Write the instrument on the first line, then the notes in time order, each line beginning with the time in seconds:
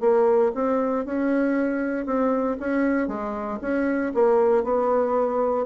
bassoon
0.00 A#3
0.54 C4
1.05 C#4
2.05 C4
2.59 C#4
3.07 G#3
3.61 C#4
4.14 A#3
4.63 B3